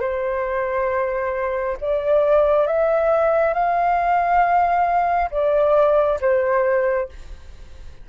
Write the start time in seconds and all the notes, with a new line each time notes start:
0.00 C5
1.80 D5
2.66 E5
3.53 F5
5.31 D5
6.20 C5